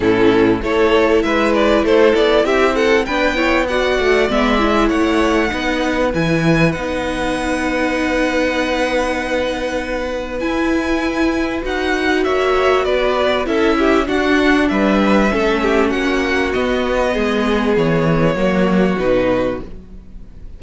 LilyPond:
<<
  \new Staff \with { instrumentName = "violin" } { \time 4/4 \tempo 4 = 98 a'4 cis''4 e''8 d''8 c''8 d''8 | e''8 fis''8 g''4 fis''4 e''4 | fis''2 gis''4 fis''4~ | fis''1~ |
fis''4 gis''2 fis''4 | e''4 d''4 e''4 fis''4 | e''2 fis''4 dis''4~ | dis''4 cis''2 b'4 | }
  \new Staff \with { instrumentName = "violin" } { \time 4/4 e'4 a'4 b'4 a'4 | g'8 a'8 b'8 cis''8 d''2 | cis''4 b'2.~ | b'1~ |
b'1 | cis''4 b'4 a'8 g'8 fis'4 | b'4 a'8 g'8 fis'2 | gis'2 fis'2 | }
  \new Staff \with { instrumentName = "viola" } { \time 4/4 cis'4 e'2.~ | e'4 d'8 e'8 fis'4 b8 e'8~ | e'4 dis'4 e'4 dis'4~ | dis'1~ |
dis'4 e'2 fis'4~ | fis'2 e'4 d'4~ | d'4 cis'2 b4~ | b2 ais4 dis'4 | }
  \new Staff \with { instrumentName = "cello" } { \time 4/4 a,4 a4 gis4 a8 b8 | c'4 b4. a8 gis4 | a4 b4 e4 b4~ | b1~ |
b4 e'2 dis'4 | ais4 b4 cis'4 d'4 | g4 a4 ais4 b4 | gis4 e4 fis4 b,4 | }
>>